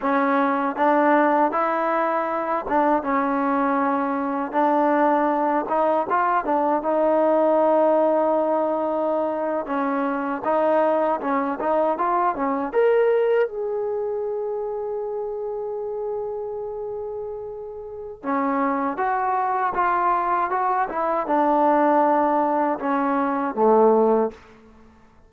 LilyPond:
\new Staff \with { instrumentName = "trombone" } { \time 4/4 \tempo 4 = 79 cis'4 d'4 e'4. d'8 | cis'2 d'4. dis'8 | f'8 d'8 dis'2.~ | dis'8. cis'4 dis'4 cis'8 dis'8 f'16~ |
f'16 cis'8 ais'4 gis'2~ gis'16~ | gis'1 | cis'4 fis'4 f'4 fis'8 e'8 | d'2 cis'4 a4 | }